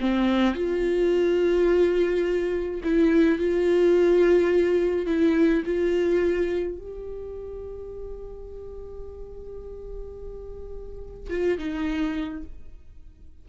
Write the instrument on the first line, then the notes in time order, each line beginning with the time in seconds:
viola
0.00 C4
0.54 F4
2.83 E4
3.38 F4
5.06 E4
5.65 F4
6.78 G4
11.30 F4
11.58 D#4